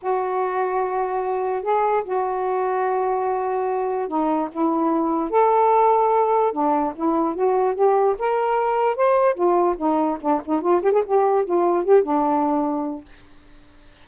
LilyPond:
\new Staff \with { instrumentName = "saxophone" } { \time 4/4 \tempo 4 = 147 fis'1 | gis'4 fis'2.~ | fis'2 dis'4 e'4~ | e'4 a'2. |
d'4 e'4 fis'4 g'4 | ais'2 c''4 f'4 | dis'4 d'8 dis'8 f'8 g'16 gis'16 g'4 | f'4 g'8 d'2~ d'8 | }